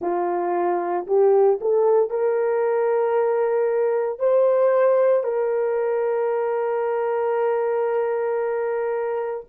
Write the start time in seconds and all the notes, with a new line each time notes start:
0.01 F4
1.06 G4
1.61 A4
2.10 A#4
4.19 C5
5.23 A#4